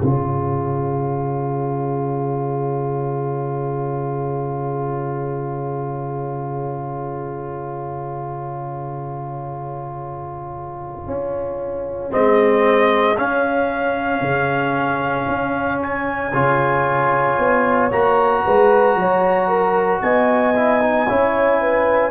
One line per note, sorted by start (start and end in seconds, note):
0.00 11.07 C#3
0.00 12.11 F4
0.00 16.32 G#4
0.00 12.12 C#5
11.07 12.12 C#4
12.11 13.18 G#3
12.11 13.16 C4
12.11 13.17 D#5
13.16 16.32 C#4
13.16 14.21 C#4
13.16 15.82 F5
14.21 15.27 C#3
15.28 16.33 C#4
15.83 17.92 G#5
16.32 17.38 C#3
16.32 17.91 F4
16.32 18.43 C#5
17.39 17.91 B3
17.92 18.45 A#3
17.92 20.55 F#4
17.92 20.02 A#5
18.45 18.95 G#3
18.45 18.98 B4
18.95 20.01 F#3
18.95 19.48 C#5
19.48 20.01 A#4
20.02 21.08 B3
20.02 21.09 D#5
20.02 22.11 G#5
20.56 20.81 E4
20.81 21.07 D#4
21.09 22.11 C#4
21.09 22.11 E4
21.09 21.61 C#5
21.61 22.11 B4